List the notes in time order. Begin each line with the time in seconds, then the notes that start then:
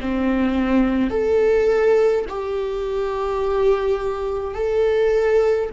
0.00 C4
1.10 A4
2.29 G4
4.55 A4